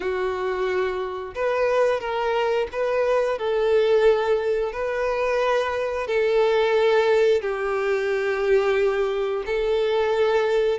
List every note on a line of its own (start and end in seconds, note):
0.00 1.34 F#4
1.34 2.00 B4
2.00 2.67 A#4
2.72 3.38 B4
3.38 4.72 A4
4.72 6.07 B4
6.07 7.41 A4
7.41 9.43 G4
9.46 10.78 A4